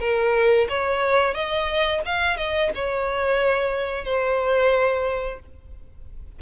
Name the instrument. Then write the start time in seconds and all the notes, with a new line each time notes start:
violin
0.00 A#4
0.69 C#5
1.34 D#5
2.05 F5
2.37 D#5
2.75 C#5
4.05 C5